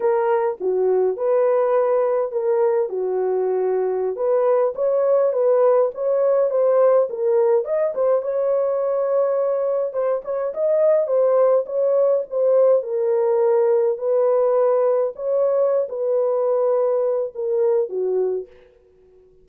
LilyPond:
\new Staff \with { instrumentName = "horn" } { \time 4/4 \tempo 4 = 104 ais'4 fis'4 b'2 | ais'4 fis'2~ fis'16 b'8.~ | b'16 cis''4 b'4 cis''4 c''8.~ | c''16 ais'4 dis''8 c''8 cis''4.~ cis''16~ |
cis''4~ cis''16 c''8 cis''8 dis''4 c''8.~ | c''16 cis''4 c''4 ais'4.~ ais'16~ | ais'16 b'2 cis''4~ cis''16 b'8~ | b'2 ais'4 fis'4 | }